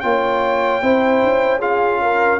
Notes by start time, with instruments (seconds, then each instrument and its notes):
0.00 tuba A#3, trombone F4, horn C#5, trumpet G5
0.82 tuba C4, trombone E4, horn C5
1.23 tuba C#4
1.59 trombone F4, horn G#4, trumpet F5
2.02 horn A#4